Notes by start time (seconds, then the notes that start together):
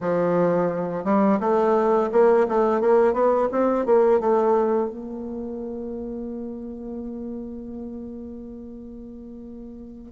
0.01 F3
1.04 G3
1.40 A3
2.12 A#3
2.48 A3
2.80 A#3
3.13 B3
3.51 C4
3.85 A#3
4.20 A3
4.89 A#3